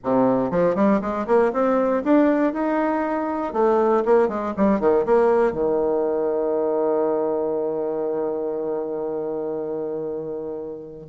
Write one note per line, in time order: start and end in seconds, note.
0.04 0.50 C3
0.50 0.75 F3
0.75 1.00 G3
1.01 1.26 G#3
1.26 1.51 A#3
1.52 2.03 C4
2.04 2.53 D4
2.53 3.53 D#4
3.53 4.03 A3
4.05 4.28 A#3
4.28 4.53 G#3
4.56 4.79 G3
4.79 5.05 D#3
5.05 5.52 A#3
5.52 11.07 D#3